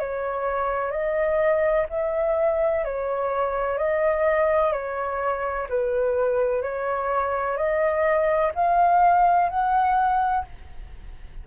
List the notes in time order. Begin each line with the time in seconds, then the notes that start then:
0.00 C#5
0.91 D#5
1.90 E5
2.85 C#5
3.78 D#5
4.72 C#5
5.69 B4
6.62 C#5
7.57 D#5
8.55 F5
9.50 F#5